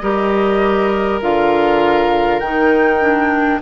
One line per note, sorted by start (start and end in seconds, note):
0.00 1.22 G3
0.00 1.22 G4
0.00 3.62 A#4
0.00 1.20 D#5
1.22 2.41 D3
1.22 2.42 F4
1.22 2.40 F5
2.40 3.61 D#3
2.40 3.00 D#4
2.40 3.60 G5
3.00 3.60 D4